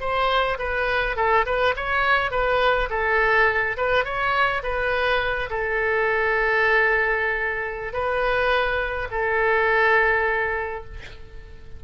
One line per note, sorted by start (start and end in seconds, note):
0.00 0.58 C5
0.58 1.16 B4
1.16 1.45 A4
1.46 1.75 B4
1.76 2.31 C#5
2.31 2.89 B4
2.90 3.77 A4
3.77 4.05 B4
4.05 4.62 C#5
4.63 5.50 B4
5.50 7.93 A4
7.93 9.08 B4
9.11 10.84 A4